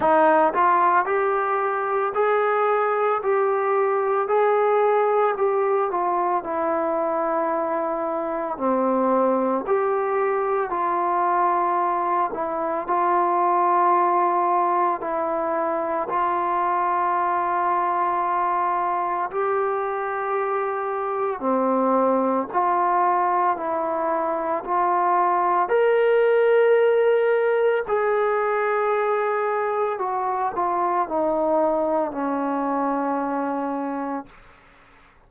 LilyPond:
\new Staff \with { instrumentName = "trombone" } { \time 4/4 \tempo 4 = 56 dis'8 f'8 g'4 gis'4 g'4 | gis'4 g'8 f'8 e'2 | c'4 g'4 f'4. e'8 | f'2 e'4 f'4~ |
f'2 g'2 | c'4 f'4 e'4 f'4 | ais'2 gis'2 | fis'8 f'8 dis'4 cis'2 | }